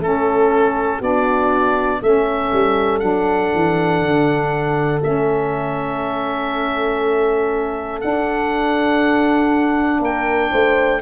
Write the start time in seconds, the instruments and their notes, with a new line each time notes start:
0.00 tuba A3, saxophone C#4, horn A4, oboe A4
0.98 tuba B3, saxophone D4, horn F#4, oboe D5
2.02 tuba A3, saxophone C#4, horn A4, oboe E5
2.52 tuba G3
3.00 tuba F#3, saxophone D4, oboe F#5
3.55 tuba E3
4.01 tuba D3
5.01 tuba A3, saxophone C#4, oboe E5
8.01 saxophone D4, tuba D4, oboe F#5
10.00 tuba A#3, horn A#4, oboe G5
10.51 tuba A3, horn C5